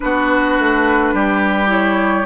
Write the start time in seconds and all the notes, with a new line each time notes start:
0.00 B3 D4 F#4 B4
0.58 A3
1.13 G3 G4
1.67 E4 C#5